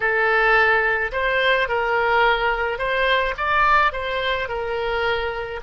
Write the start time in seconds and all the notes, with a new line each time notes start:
0.00 A4
1.12 C5
1.68 A#4
2.78 C5
3.37 D5
3.92 C5
4.48 A#4